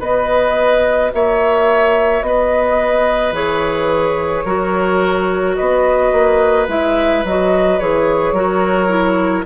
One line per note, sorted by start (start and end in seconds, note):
0.00 1.11 B3
0.00 3.34 F#4
0.00 1.11 B4
0.00 1.12 D#5
1.13 2.22 A#3
1.13 2.26 C#5
1.13 2.23 E5
2.22 3.32 B3
2.22 4.45 B4
2.22 3.34 D#5
3.32 4.43 E3
3.32 4.45 G#4
3.32 5.56 C#5
4.45 5.56 F#3
4.45 6.68 F#4
4.45 5.56 A#4
5.56 6.12 B3
5.56 8.34 B4
5.56 6.67 D#5
6.12 6.68 A#3
6.68 7.24 G#3
6.68 7.24 E4
6.68 7.25 E5
7.24 7.80 F#3
7.24 7.80 F#4
7.24 7.80 D#5
7.80 8.33 E3
7.80 8.36 G#4
7.80 9.46 C#5
8.33 9.44 F#3
8.33 8.88 F#4
8.33 9.45 A#4
8.88 9.44 E4